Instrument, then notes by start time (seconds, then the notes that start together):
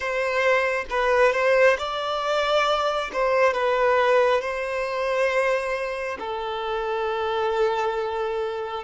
violin
0.00 C5
0.90 B4
1.32 C5
1.78 D5
3.12 C5
3.53 B4
4.41 C5
6.19 A4